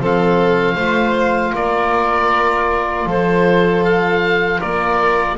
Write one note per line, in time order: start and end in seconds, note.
0.00 0.75 F3
0.00 0.78 C4
0.00 0.75 A4
0.00 1.56 F5
0.75 1.52 A3
0.75 5.38 F4
0.75 1.52 C5
1.53 3.06 A#3
1.53 3.07 A#4
1.53 3.10 D5
3.06 4.60 F3
3.06 4.60 A4
3.06 3.85 C5
3.85 4.61 F5
4.60 5.38 A#3
4.60 5.37 A#4
4.60 5.38 D5